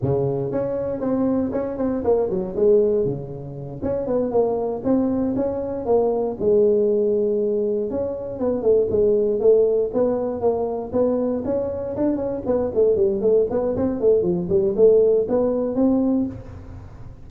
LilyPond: \new Staff \with { instrumentName = "tuba" } { \time 4/4 \tempo 4 = 118 cis4 cis'4 c'4 cis'8 c'8 | ais8 fis8 gis4 cis4. cis'8 | b8 ais4 c'4 cis'4 ais8~ | ais8 gis2. cis'8~ |
cis'8 b8 a8 gis4 a4 b8~ | b8 ais4 b4 cis'4 d'8 | cis'8 b8 a8 g8 a8 b8 c'8 a8 | f8 g8 a4 b4 c'4 | }